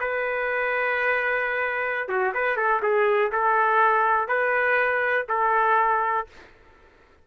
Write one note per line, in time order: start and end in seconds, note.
0.00 2.09 B4
2.09 2.33 F#4
2.34 2.56 B4
2.56 2.81 A4
2.82 3.32 G#4
3.32 4.28 A4
4.28 5.26 B4
5.29 6.27 A4